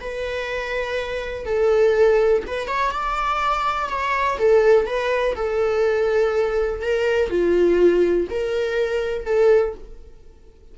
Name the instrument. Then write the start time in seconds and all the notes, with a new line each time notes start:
viola
0.00 B4
1.45 A4
2.47 B4
2.67 C#5
2.91 D5
3.89 C#5
4.38 A4
4.86 B4
5.35 A4
6.82 A#4
7.30 F4
8.30 A#4
9.25 A4